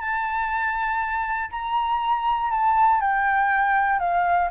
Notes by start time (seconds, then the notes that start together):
0.00 A5
1.50 A#5
2.50 A5
3.00 G5
3.99 F5